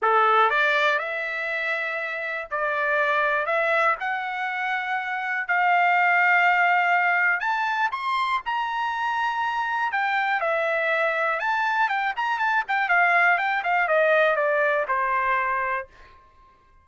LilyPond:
\new Staff \with { instrumentName = "trumpet" } { \time 4/4 \tempo 4 = 121 a'4 d''4 e''2~ | e''4 d''2 e''4 | fis''2. f''4~ | f''2. a''4 |
c'''4 ais''2. | g''4 e''2 a''4 | g''8 ais''8 a''8 g''8 f''4 g''8 f''8 | dis''4 d''4 c''2 | }